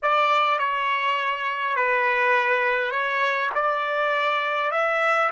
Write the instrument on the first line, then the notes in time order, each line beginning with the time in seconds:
trumpet
0.02 D5
0.59 C#5
1.75 B4
2.91 C#5
3.54 D5
4.71 E5